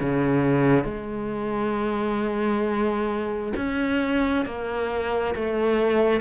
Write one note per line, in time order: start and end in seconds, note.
0.00 0.84 C#3
0.84 3.53 G#3
3.56 4.45 C#4
4.45 5.34 A#3
5.35 6.20 A3